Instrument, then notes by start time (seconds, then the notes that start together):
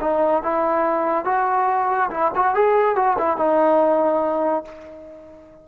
trombone
0.00 D#4
0.42 E4
1.24 F#4
2.10 E4
2.35 F#4
2.54 G#4
2.95 F#4
3.18 E4
3.37 D#4